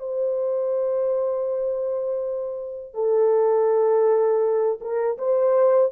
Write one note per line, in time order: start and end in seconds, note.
0.00 2.94 C5
2.94 4.79 A4
4.81 5.18 A#4
5.19 5.93 C5